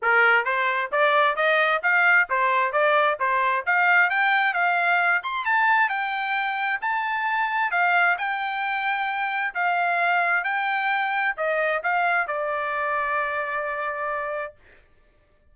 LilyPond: \new Staff \with { instrumentName = "trumpet" } { \time 4/4 \tempo 4 = 132 ais'4 c''4 d''4 dis''4 | f''4 c''4 d''4 c''4 | f''4 g''4 f''4. c'''8 | a''4 g''2 a''4~ |
a''4 f''4 g''2~ | g''4 f''2 g''4~ | g''4 dis''4 f''4 d''4~ | d''1 | }